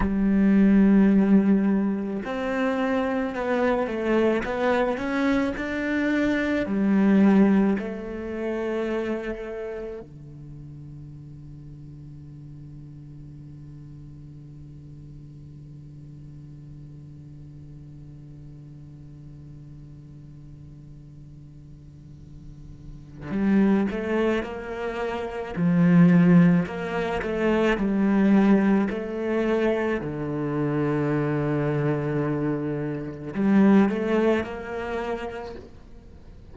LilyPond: \new Staff \with { instrumentName = "cello" } { \time 4/4 \tempo 4 = 54 g2 c'4 b8 a8 | b8 cis'8 d'4 g4 a4~ | a4 d2.~ | d1~ |
d1~ | d4 g8 a8 ais4 f4 | ais8 a8 g4 a4 d4~ | d2 g8 a8 ais4 | }